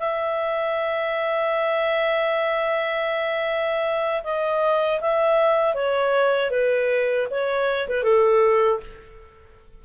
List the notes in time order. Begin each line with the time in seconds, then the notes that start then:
0.00 E5
4.24 D#5
5.01 E5
5.75 C#5
6.51 B4
7.30 C#5
7.89 B4
8.03 A4